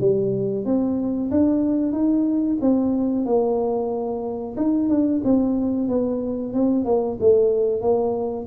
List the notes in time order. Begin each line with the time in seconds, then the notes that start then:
0.00 G3
0.65 C4
1.31 D4
1.92 D#4
2.61 C4
3.25 A#3
4.57 D#4
4.89 D4
5.24 C4
5.88 B3
6.54 C4
6.85 A#3
7.20 A3
7.81 A#3